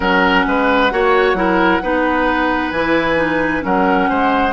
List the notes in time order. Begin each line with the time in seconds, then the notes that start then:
0.00 F#3 C#4 A#4 F#5
0.46 G#3 B4
0.91 A#3 F#4 C#5
1.33 F#3 E4 A#4
1.82 B3 D#4 B4
2.70 E3 E4 G#5
3.16 D#4
3.61 F#3 C#4 A#4 F#5
4.09 G#3 C5